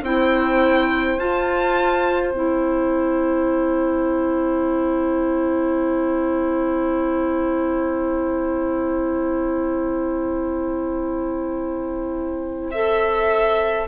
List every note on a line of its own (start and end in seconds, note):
0.00 1.16 C4
0.00 1.18 E4
0.00 13.85 C5
0.00 1.19 G5
1.18 2.32 F4
1.18 2.33 F4
1.18 2.31 A5
2.31 13.86 C4
2.31 12.72 E4
2.31 12.70 G5
12.71 13.87 A4
12.71 13.86 E5